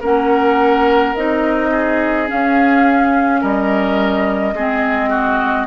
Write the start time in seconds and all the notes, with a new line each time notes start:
0.00 A#3 C#4 A#4 F#5
1.15 C4 D#4 D#5
1.71 G#4
2.27 C#4 F5
3.41 G3 A#4 D#5
4.53 G#3 C4 G#4
5.10 F#4